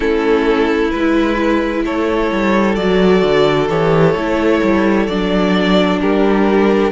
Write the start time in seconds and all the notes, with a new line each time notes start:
0.00 A3 C#4 E4 A4
0.91 G#3 E4 B4
1.85 A3 A4 C#5
2.32 G3
2.75 F#3 F#4 D5
3.22 D3
3.69 E3 G4 C#5
4.14 A3 E4
4.62 G3
5.06 F#3 D4 D5
6.00 G3 G4 A#4